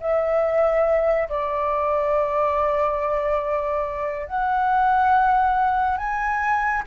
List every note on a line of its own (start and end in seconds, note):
0.00 1.29 E5
1.29 4.27 D5
4.27 5.97 F#5
5.97 6.83 G#5